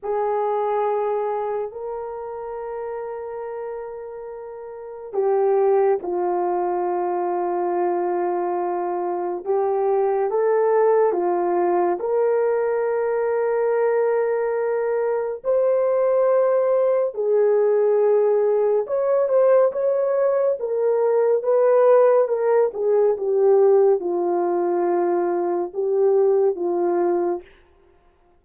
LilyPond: \new Staff \with { instrumentName = "horn" } { \time 4/4 \tempo 4 = 70 gis'2 ais'2~ | ais'2 g'4 f'4~ | f'2. g'4 | a'4 f'4 ais'2~ |
ais'2 c''2 | gis'2 cis''8 c''8 cis''4 | ais'4 b'4 ais'8 gis'8 g'4 | f'2 g'4 f'4 | }